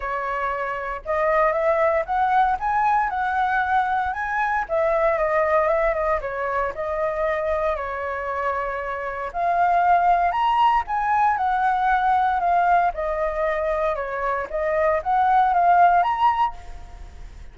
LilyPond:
\new Staff \with { instrumentName = "flute" } { \time 4/4 \tempo 4 = 116 cis''2 dis''4 e''4 | fis''4 gis''4 fis''2 | gis''4 e''4 dis''4 e''8 dis''8 | cis''4 dis''2 cis''4~ |
cis''2 f''2 | ais''4 gis''4 fis''2 | f''4 dis''2 cis''4 | dis''4 fis''4 f''4 ais''4 | }